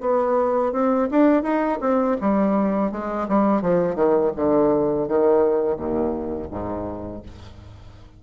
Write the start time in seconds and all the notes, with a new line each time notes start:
0.00 B3
0.72 C4
1.10 D4
1.42 D#4
1.80 C4
2.20 G3
2.91 G#3
3.28 G3
3.61 F3
3.95 D#3
4.35 D3
5.07 D#3
5.76 D#2
6.50 G#2